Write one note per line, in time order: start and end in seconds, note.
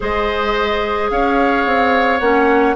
0.00 1.10 G#3
0.00 2.20 G#4
0.00 1.10 C5
0.00 1.10 D#5
1.10 1.65 C#4
1.10 2.75 C#5
1.10 2.19 F5
1.65 2.20 C4
2.19 2.75 A#3
2.19 2.75 C#4
2.19 2.74 F#5